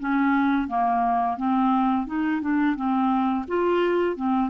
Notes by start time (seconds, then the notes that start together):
0.00 C#4
0.68 A#3
1.38 C4
2.07 D#4
2.42 D4
2.76 C4
3.48 F4
4.17 C4